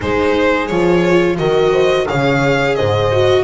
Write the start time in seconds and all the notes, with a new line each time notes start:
0.00 G#3 D#4 G#4 C5
0.67 F3 F4 C#5
1.37 D#3 F#4 A#4 D#5
1.71 C5
2.07 C#3 G#4 C#5 F5
2.75 G#2 C5 D#5
3.11 F#4